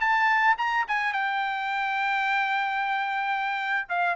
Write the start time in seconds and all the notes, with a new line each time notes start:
0.00 A5
0.58 A#5
0.88 G#5
1.13 G5
3.89 F5